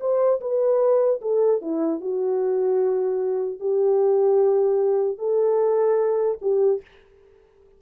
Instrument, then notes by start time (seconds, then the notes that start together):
horn
0.00 C5
0.41 B4
1.21 A4
1.61 E4
2.00 F#4
3.60 G4
5.18 A4
6.41 G4